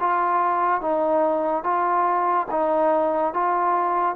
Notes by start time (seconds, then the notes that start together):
0.00 F4
0.81 D#4
1.64 F4
2.51 D#4
3.34 F4